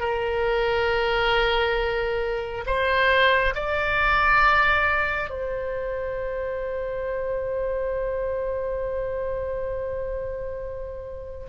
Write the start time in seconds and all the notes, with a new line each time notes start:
0.00 A#4
2.66 C5
3.55 D5
5.30 C5